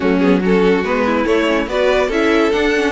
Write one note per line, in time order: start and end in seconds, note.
0.00 0.82 F#3
0.00 0.21 A3
0.00 0.41 C#4
0.00 0.19 F#4
0.19 0.42 B3
0.19 0.40 G#4
0.41 0.84 C#4
0.41 1.04 F#4
0.41 0.84 A4
0.82 1.24 G#3
0.82 1.25 B3
0.82 1.26 B4
1.06 1.68 E4
1.25 1.46 A3
1.25 1.66 A3
1.25 1.68 C#5
1.47 1.68 C#4
1.66 2.08 B3
1.66 2.11 F#4
1.66 2.07 B4
1.66 2.11 D5
2.07 2.50 C#4
2.07 2.51 E4
2.07 2.91 A4
2.07 2.51 E5
2.51 2.72 D4
2.51 2.91 D4
2.51 2.91 F#5
2.75 2.91 C#4